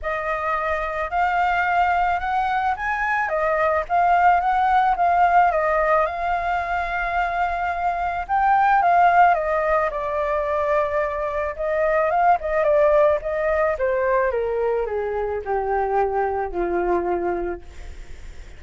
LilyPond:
\new Staff \with { instrumentName = "flute" } { \time 4/4 \tempo 4 = 109 dis''2 f''2 | fis''4 gis''4 dis''4 f''4 | fis''4 f''4 dis''4 f''4~ | f''2. g''4 |
f''4 dis''4 d''2~ | d''4 dis''4 f''8 dis''8 d''4 | dis''4 c''4 ais'4 gis'4 | g'2 f'2 | }